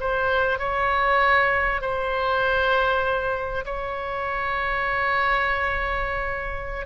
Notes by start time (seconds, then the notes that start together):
0.00 C5
0.59 C#5
1.81 C5
3.66 C#5